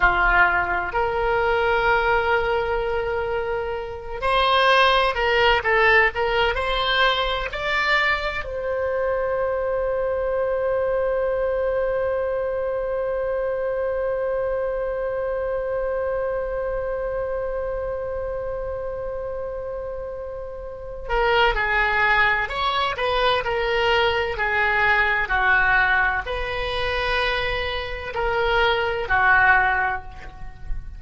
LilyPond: \new Staff \with { instrumentName = "oboe" } { \time 4/4 \tempo 4 = 64 f'4 ais'2.~ | ais'8 c''4 ais'8 a'8 ais'8 c''4 | d''4 c''2.~ | c''1~ |
c''1~ | c''2~ c''8 ais'8 gis'4 | cis''8 b'8 ais'4 gis'4 fis'4 | b'2 ais'4 fis'4 | }